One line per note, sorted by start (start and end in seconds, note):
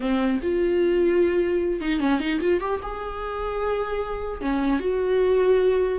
0.00 0.40 C4
0.42 1.81 F4
1.81 1.99 D#4
1.99 2.19 C#4
2.20 2.40 D#4
2.40 2.60 F4
2.60 2.80 G4
2.82 4.41 G#4
4.41 4.79 C#4
4.79 5.98 F#4